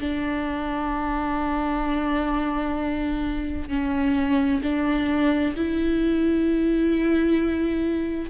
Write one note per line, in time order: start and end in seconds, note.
0.00 3.69 D4
3.69 4.62 C#4
4.63 5.55 D4
5.56 8.30 E4